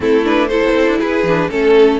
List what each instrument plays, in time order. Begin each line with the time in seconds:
0.00 cello A3, viola C4, violin E4 A4
0.24 viola D4, violin B4
0.47 viola E4, violin A4 C5
0.64 cello B3
0.74 cello C4
0.87 cello D4
0.99 cello E4, violin G#4 B4
1.23 cello E3, viola D4
1.49 cello A3, viola C#4, violin A4